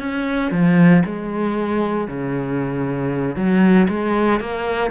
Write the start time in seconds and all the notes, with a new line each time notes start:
0.00 C#4
0.52 F3
1.06 G#3
2.08 C#3
3.36 F#3
3.89 G#3
4.40 A#3